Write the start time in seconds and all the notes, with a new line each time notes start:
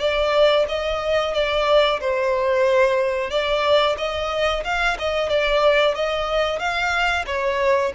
0.00 D5
0.69 D#5
1.34 D5
2.01 C5
3.31 D5
3.98 D#5
4.65 F5
4.99 D#5
5.30 D5
5.95 D#5
6.60 F5
7.27 C#5